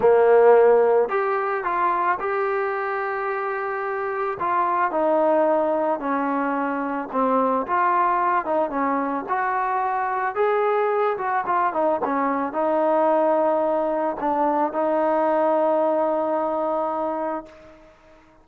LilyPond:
\new Staff \with { instrumentName = "trombone" } { \time 4/4 \tempo 4 = 110 ais2 g'4 f'4 | g'1 | f'4 dis'2 cis'4~ | cis'4 c'4 f'4. dis'8 |
cis'4 fis'2 gis'4~ | gis'8 fis'8 f'8 dis'8 cis'4 dis'4~ | dis'2 d'4 dis'4~ | dis'1 | }